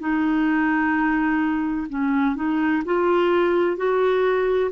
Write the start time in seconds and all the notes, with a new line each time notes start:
0.00 D#4
1.90 C#4
2.37 D#4
2.86 F4
3.78 F#4